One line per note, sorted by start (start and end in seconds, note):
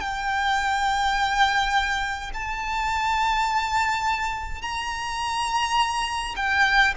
0.00 2.31 G5
2.34 4.62 A5
4.62 6.35 A#5
6.36 6.93 G5